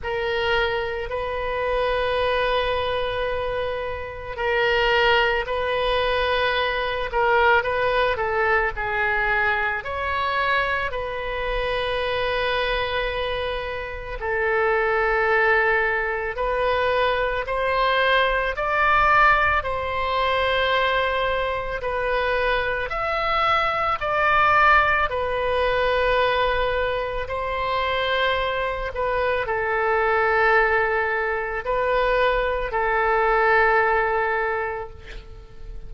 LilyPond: \new Staff \with { instrumentName = "oboe" } { \time 4/4 \tempo 4 = 55 ais'4 b'2. | ais'4 b'4. ais'8 b'8 a'8 | gis'4 cis''4 b'2~ | b'4 a'2 b'4 |
c''4 d''4 c''2 | b'4 e''4 d''4 b'4~ | b'4 c''4. b'8 a'4~ | a'4 b'4 a'2 | }